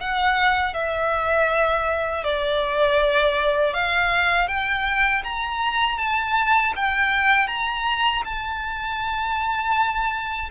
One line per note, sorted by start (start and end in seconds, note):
0.00 0.74 F#5
0.74 2.24 E5
2.24 3.74 D5
3.74 4.47 F5
4.47 5.22 G5
5.23 5.98 A#5
5.98 6.73 A5
6.75 7.47 G5
7.47 8.22 A#5
8.24 10.49 A5